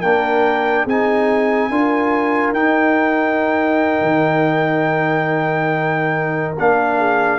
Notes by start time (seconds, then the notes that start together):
0.00 A#3 D4 A#4 G5
0.84 C4 D#4 G#4 G#5
1.70 D4 F4 A#4
2.52 D#4 G5
4.01 D#3
6.58 A#3 D4 F5
6.98 G#4